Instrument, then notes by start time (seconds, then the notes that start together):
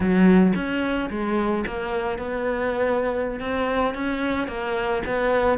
cello
0.00 F#3
0.55 C#4
1.10 G#3
1.66 A#3
2.18 B3
3.40 C4
3.94 C#4
4.47 A#3
5.06 B3